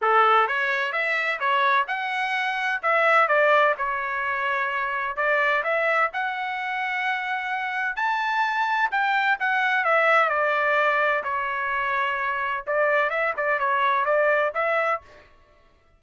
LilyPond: \new Staff \with { instrumentName = "trumpet" } { \time 4/4 \tempo 4 = 128 a'4 cis''4 e''4 cis''4 | fis''2 e''4 d''4 | cis''2. d''4 | e''4 fis''2.~ |
fis''4 a''2 g''4 | fis''4 e''4 d''2 | cis''2. d''4 | e''8 d''8 cis''4 d''4 e''4 | }